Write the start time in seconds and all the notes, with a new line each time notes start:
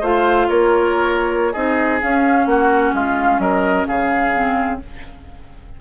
0.00 A3 F4 C5 F5
0.48 A#3 A#4 C#5
1.52 C4 D#4 G#4 D#5
2.01 C#4 F5
2.46 A#3 F#4 F#5
2.93 G#3 F4 F5
3.38 F#3 A#4 D#5
3.86 C#3 G#4 F5
4.33 C4